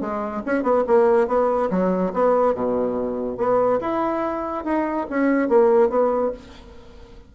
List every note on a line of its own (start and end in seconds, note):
0.00 0.42 G#3
0.45 0.62 C#4
0.62 0.83 B3
0.87 1.27 A#3
1.27 1.69 B3
1.70 2.12 F#3
2.13 2.54 B3
2.54 3.37 B2
3.37 3.79 B3
3.80 4.64 E4
4.64 5.06 D#4
5.09 5.48 C#4
5.48 5.89 A#3
5.89 6.31 B3